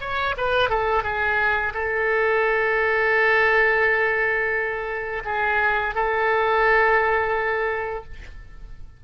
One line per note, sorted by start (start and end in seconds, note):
0.00 0.35 C#5
0.37 0.69 B4
0.69 1.03 A4
1.03 1.73 G#4
1.73 5.22 A4
5.25 5.94 G#4
5.95 8.04 A4